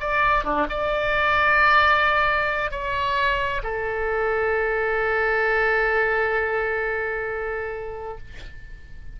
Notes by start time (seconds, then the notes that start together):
0.00 D5
0.44 D4
0.69 D5
2.71 C#5
3.63 A4